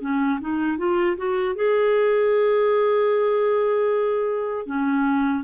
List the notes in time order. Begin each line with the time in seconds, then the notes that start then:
0.00 C#4
0.40 D#4
0.78 F4
1.17 F#4
1.55 G#4
4.66 C#4